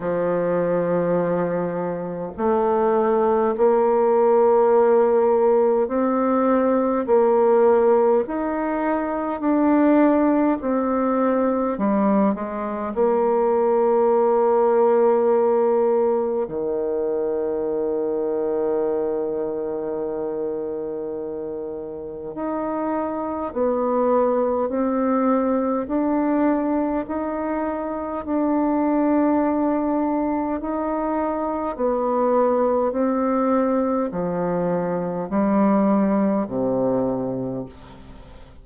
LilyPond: \new Staff \with { instrumentName = "bassoon" } { \time 4/4 \tempo 4 = 51 f2 a4 ais4~ | ais4 c'4 ais4 dis'4 | d'4 c'4 g8 gis8 ais4~ | ais2 dis2~ |
dis2. dis'4 | b4 c'4 d'4 dis'4 | d'2 dis'4 b4 | c'4 f4 g4 c4 | }